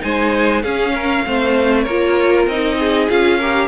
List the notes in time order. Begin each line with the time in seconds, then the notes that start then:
0.00 G#3 D#4 C5 G#5
0.62 C#4 G#4 F5
0.94 A#4
1.26 A3 C4 C5
1.82 A#3 A#4 C#5
1.90 F4
2.47 C4 D#4 D#5
2.79 G#4
3.09 C#4 F4 F5
3.39 G4 A#4